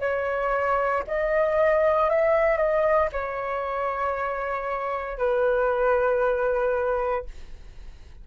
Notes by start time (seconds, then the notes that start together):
0.00 C#5
1.07 D#5
2.10 E5
2.57 D#5
3.13 C#5
5.18 B4